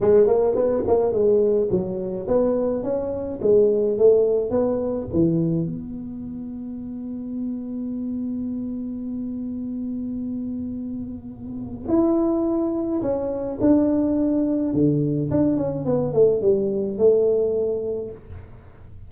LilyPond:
\new Staff \with { instrumentName = "tuba" } { \time 4/4 \tempo 4 = 106 gis8 ais8 b8 ais8 gis4 fis4 | b4 cis'4 gis4 a4 | b4 e4 b2~ | b1~ |
b1~ | b4 e'2 cis'4 | d'2 d4 d'8 cis'8 | b8 a8 g4 a2 | }